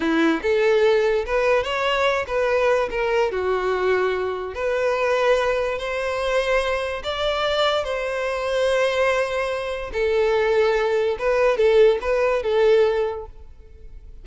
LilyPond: \new Staff \with { instrumentName = "violin" } { \time 4/4 \tempo 4 = 145 e'4 a'2 b'4 | cis''4. b'4. ais'4 | fis'2. b'4~ | b'2 c''2~ |
c''4 d''2 c''4~ | c''1 | a'2. b'4 | a'4 b'4 a'2 | }